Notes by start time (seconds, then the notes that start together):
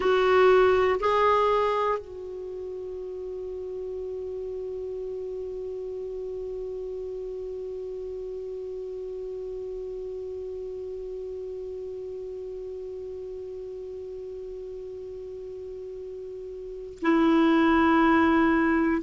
0.00 F#4
1.00 G#4
1.98 F#4
17.01 E4